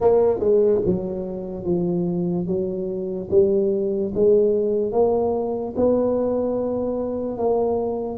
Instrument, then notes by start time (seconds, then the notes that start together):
tuba
0.00 A#3
0.39 G#3
0.85 F#3
1.64 F3
2.46 F#3
3.30 G3
4.14 G#3
4.91 A#3
5.76 B3
7.37 A#3